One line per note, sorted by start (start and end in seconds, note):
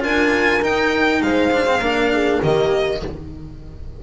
0.00 0.61 D4
0.00 0.60 F4
0.00 1.23 A#4
0.00 0.64 G#5
0.61 1.21 D#4
0.61 1.52 D#4
0.61 1.22 G5
1.22 1.79 G#3
1.22 1.80 C5
1.22 2.42 F5
1.52 1.66 D4
1.66 1.81 C4
1.79 2.39 A#3
1.79 2.42 D4
1.79 2.10 A#4
2.12 2.42 G#4
2.42 3.03 D#3
2.42 3.02 A#3
2.42 3.02 G4
2.42 3.03 D#5